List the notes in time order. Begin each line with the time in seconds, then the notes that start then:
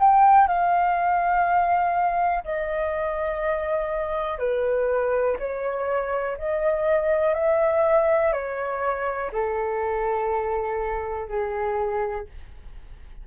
0.00 G5
0.47 F5
2.44 D#5
4.39 B4
5.39 C#5
6.38 D#5
7.34 E5
8.32 C#5
9.32 A4
11.28 G#4